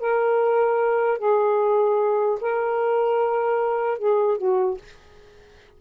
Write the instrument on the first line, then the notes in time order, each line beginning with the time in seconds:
saxophone
0.00 A#4
1.19 G#4
2.41 A#4
3.99 G#4
4.38 F#4